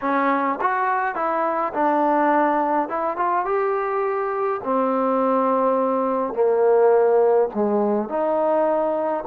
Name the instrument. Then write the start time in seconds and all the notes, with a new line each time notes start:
trombone
0.01 C#4
0.61 F#4
1.15 E4
1.73 D4
2.88 E4
3.17 F4
3.45 G4
4.63 C4
6.33 A#3
7.54 G#3
8.08 D#4